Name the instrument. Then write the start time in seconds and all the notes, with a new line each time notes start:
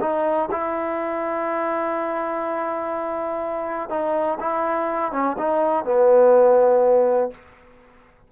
trombone
0.00 D#4
0.51 E4
3.89 D#4
4.40 E4
5.12 C#4
5.38 D#4
5.85 B3